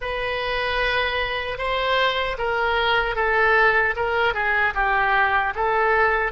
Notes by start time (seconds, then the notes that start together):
0.01 B4
1.58 C5
2.38 A#4
3.15 A4
3.95 A#4
4.33 G#4
4.74 G4
5.55 A4